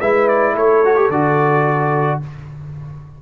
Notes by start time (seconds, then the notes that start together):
0.00 G#3 E4 B4 E5
0.28 D5
0.53 A3 A4 C#5
0.85 F#4
0.95 G4
1.09 D3 F#4 D5